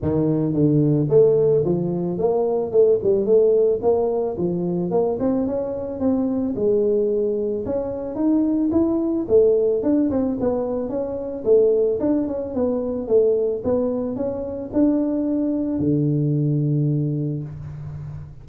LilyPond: \new Staff \with { instrumentName = "tuba" } { \time 4/4 \tempo 4 = 110 dis4 d4 a4 f4 | ais4 a8 g8 a4 ais4 | f4 ais8 c'8 cis'4 c'4 | gis2 cis'4 dis'4 |
e'4 a4 d'8 c'8 b4 | cis'4 a4 d'8 cis'8 b4 | a4 b4 cis'4 d'4~ | d'4 d2. | }